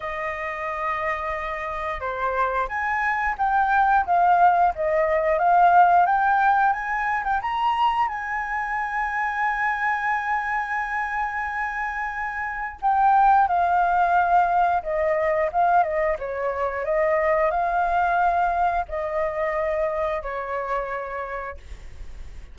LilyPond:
\new Staff \with { instrumentName = "flute" } { \time 4/4 \tempo 4 = 89 dis''2. c''4 | gis''4 g''4 f''4 dis''4 | f''4 g''4 gis''8. g''16 ais''4 | gis''1~ |
gis''2. g''4 | f''2 dis''4 f''8 dis''8 | cis''4 dis''4 f''2 | dis''2 cis''2 | }